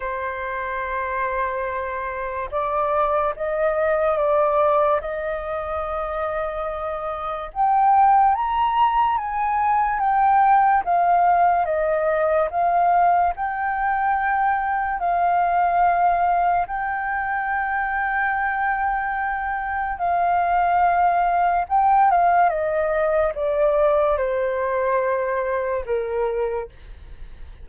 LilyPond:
\new Staff \with { instrumentName = "flute" } { \time 4/4 \tempo 4 = 72 c''2. d''4 | dis''4 d''4 dis''2~ | dis''4 g''4 ais''4 gis''4 | g''4 f''4 dis''4 f''4 |
g''2 f''2 | g''1 | f''2 g''8 f''8 dis''4 | d''4 c''2 ais'4 | }